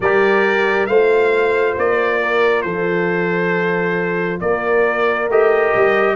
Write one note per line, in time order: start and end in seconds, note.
0.00 0.88 G3
0.00 0.89 G4
0.00 0.88 A#4
0.00 0.86 D5
0.86 1.76 A3
0.86 5.30 F4
0.86 2.21 C5
0.86 1.74 F5
1.77 2.64 A#3
1.77 2.62 D5
2.22 2.64 A#4
2.62 4.40 F3
2.62 4.41 A4
2.62 4.38 C5
4.40 5.28 A#3
4.40 6.15 A#4
4.40 5.28 D5
5.28 5.72 A3
5.28 6.15 G4
5.28 6.15 D#5
5.75 6.15 G3